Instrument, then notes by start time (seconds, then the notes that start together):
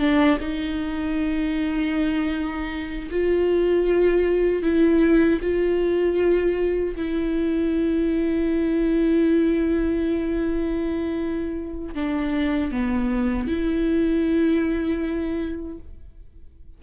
viola
0.00 D4
0.41 D#4
3.11 F4
4.63 E4
5.42 F4
6.96 E4
11.95 D4
12.72 B3
13.48 E4